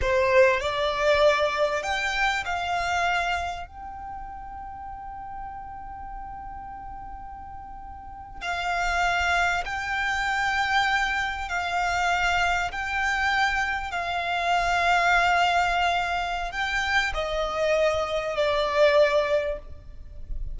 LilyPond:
\new Staff \with { instrumentName = "violin" } { \time 4/4 \tempo 4 = 98 c''4 d''2 g''4 | f''2 g''2~ | g''1~ | g''4.~ g''16 f''2 g''16~ |
g''2~ g''8. f''4~ f''16~ | f''8. g''2 f''4~ f''16~ | f''2. g''4 | dis''2 d''2 | }